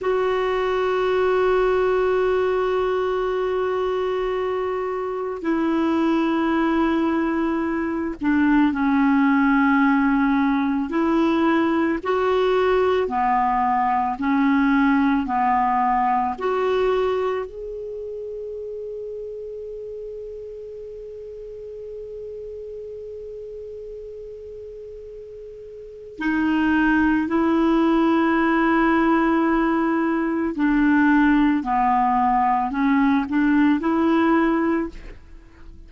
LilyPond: \new Staff \with { instrumentName = "clarinet" } { \time 4/4 \tempo 4 = 55 fis'1~ | fis'4 e'2~ e'8 d'8 | cis'2 e'4 fis'4 | b4 cis'4 b4 fis'4 |
gis'1~ | gis'1 | dis'4 e'2. | d'4 b4 cis'8 d'8 e'4 | }